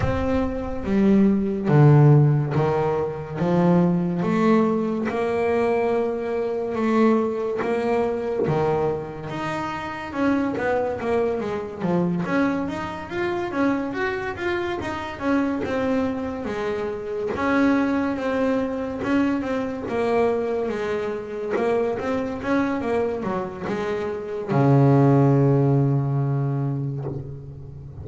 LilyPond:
\new Staff \with { instrumentName = "double bass" } { \time 4/4 \tempo 4 = 71 c'4 g4 d4 dis4 | f4 a4 ais2 | a4 ais4 dis4 dis'4 | cis'8 b8 ais8 gis8 f8 cis'8 dis'8 f'8 |
cis'8 fis'8 f'8 dis'8 cis'8 c'4 gis8~ | gis8 cis'4 c'4 cis'8 c'8 ais8~ | ais8 gis4 ais8 c'8 cis'8 ais8 fis8 | gis4 cis2. | }